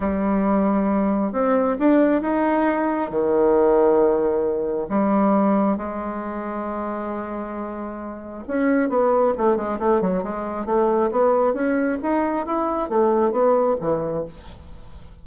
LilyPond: \new Staff \with { instrumentName = "bassoon" } { \time 4/4 \tempo 4 = 135 g2. c'4 | d'4 dis'2 dis4~ | dis2. g4~ | g4 gis2.~ |
gis2. cis'4 | b4 a8 gis8 a8 fis8 gis4 | a4 b4 cis'4 dis'4 | e'4 a4 b4 e4 | }